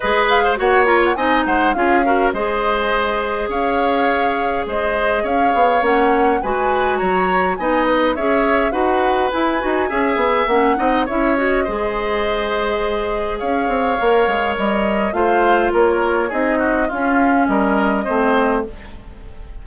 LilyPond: <<
  \new Staff \with { instrumentName = "flute" } { \time 4/4 \tempo 4 = 103 dis''8 f''8 fis''8 ais''16 fis''16 gis''8 fis''8 f''4 | dis''2 f''2 | dis''4 f''4 fis''4 gis''4 | ais''4 gis''8 b'8 e''4 fis''4 |
gis''2 fis''4 e''8 dis''8~ | dis''2. f''4~ | f''4 dis''4 f''4 cis''4 | dis''4 f''4 dis''2 | }
  \new Staff \with { instrumentName = "oboe" } { \time 4/4 b'8. c''16 cis''4 dis''8 c''8 gis'8 ais'8 | c''2 cis''2 | c''4 cis''2 b'4 | cis''4 dis''4 cis''4 b'4~ |
b'4 e''4. dis''8 cis''4 | c''2. cis''4~ | cis''2 c''4 ais'4 | gis'8 fis'8 f'4 ais'4 c''4 | }
  \new Staff \with { instrumentName = "clarinet" } { \time 4/4 gis'4 fis'8 f'8 dis'4 f'8 fis'8 | gis'1~ | gis'2 cis'4 fis'4~ | fis'4 dis'4 gis'4 fis'4 |
e'8 fis'8 gis'4 cis'8 dis'8 e'8 fis'8 | gis'1 | ais'2 f'2 | dis'4 cis'2 c'4 | }
  \new Staff \with { instrumentName = "bassoon" } { \time 4/4 gis4 ais4 c'8 gis8 cis'4 | gis2 cis'2 | gis4 cis'8 b8 ais4 gis4 | fis4 b4 cis'4 dis'4 |
e'8 dis'8 cis'8 b8 ais8 c'8 cis'4 | gis2. cis'8 c'8 | ais8 gis8 g4 a4 ais4 | c'4 cis'4 g4 a4 | }
>>